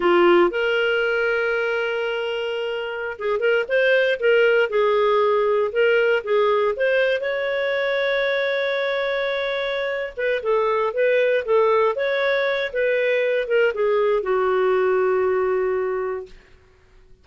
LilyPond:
\new Staff \with { instrumentName = "clarinet" } { \time 4/4 \tempo 4 = 118 f'4 ais'2.~ | ais'2~ ais'16 gis'8 ais'8 c''8.~ | c''16 ais'4 gis'2 ais'8.~ | ais'16 gis'4 c''4 cis''4.~ cis''16~ |
cis''1 | b'8 a'4 b'4 a'4 cis''8~ | cis''4 b'4. ais'8 gis'4 | fis'1 | }